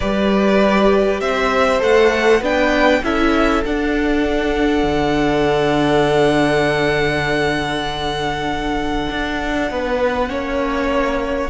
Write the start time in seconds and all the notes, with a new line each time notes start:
0.00 G3 G4 B4 D5
1.20 C4 C5 E5
1.79 A3 A4 F#5
2.40 B3 D4 B4 G5
3.02 C#4 E4 A4 E5
3.64 D4 F#5
4.83 D3
9.10 D4
9.70 B3 B4
10.27 A#3 C#4 C#5